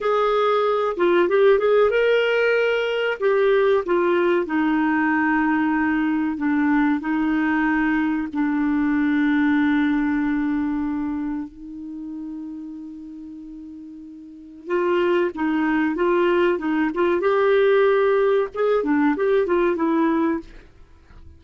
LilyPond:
\new Staff \with { instrumentName = "clarinet" } { \time 4/4 \tempo 4 = 94 gis'4. f'8 g'8 gis'8 ais'4~ | ais'4 g'4 f'4 dis'4~ | dis'2 d'4 dis'4~ | dis'4 d'2.~ |
d'2 dis'2~ | dis'2. f'4 | dis'4 f'4 dis'8 f'8 g'4~ | g'4 gis'8 d'8 g'8 f'8 e'4 | }